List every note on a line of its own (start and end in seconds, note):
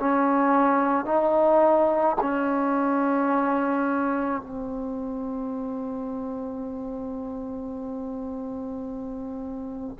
0.00 1.06 C#4
1.06 2.17 D#4
2.21 4.42 C#4
4.42 9.97 C4